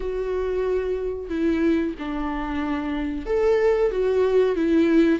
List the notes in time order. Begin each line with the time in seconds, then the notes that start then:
0.00 F#4
1.29 E4
1.98 D4
3.26 A4
3.91 F#4
4.55 E4